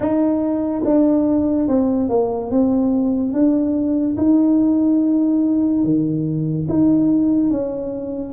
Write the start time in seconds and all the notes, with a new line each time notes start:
0.00 D#4
0.84 D4
1.68 C4
2.09 A#3
2.50 C4
3.33 D4
4.17 D#4
5.83 D#3
6.69 D#4
7.50 C#4